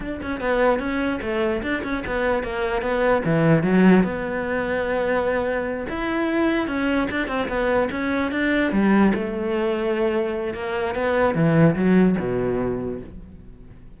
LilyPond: \new Staff \with { instrumentName = "cello" } { \time 4/4 \tempo 4 = 148 d'8 cis'8 b4 cis'4 a4 | d'8 cis'8 b4 ais4 b4 | e4 fis4 b2~ | b2~ b8 e'4.~ |
e'8 cis'4 d'8 c'8 b4 cis'8~ | cis'8 d'4 g4 a4.~ | a2 ais4 b4 | e4 fis4 b,2 | }